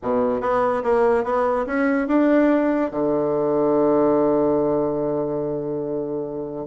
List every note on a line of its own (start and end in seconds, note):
0.02 0.41 B2
0.41 0.82 B3
0.83 1.24 A#3
1.24 1.65 B3
1.66 2.07 C#4
2.07 2.91 D4
2.91 6.66 D3